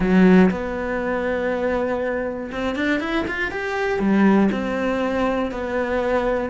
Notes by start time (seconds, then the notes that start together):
0.00 F#3
0.50 B3
2.51 C4
2.75 D4
3.00 E4
3.27 F4
3.51 G4
3.99 G3
4.51 C4
5.51 B3